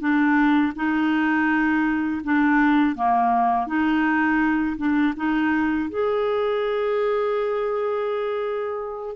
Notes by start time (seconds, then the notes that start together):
0.00 D4
0.75 D#4
2.24 D4
2.96 A#3
3.67 D#4
4.78 D4
5.17 D#4
5.90 G#4